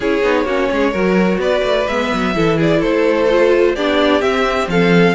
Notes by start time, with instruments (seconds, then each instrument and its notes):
0.00 cello C#4, viola E4, violin G#4 C#5
0.22 cello B3, viola D#4
0.44 cello A#3, viola C#4, violin F#4
0.71 cello G#3, violin G#4
0.92 cello F#3, viola F#4, violin A#4
1.38 cello B3, violin B4 D5
1.63 cello A3
1.87 cello G#3, viola B3, violin E5
2.13 cello F#3
2.34 cello E3, viola E4, violin A4
2.57 violin G#4 D5
2.79 cello A3, violin A4 C5
3.29 viola F4
3.75 cello B3, viola D4, violin G4 D5
4.21 viola C4, cello C4, violin E5
4.67 cello F3, violin A4 F5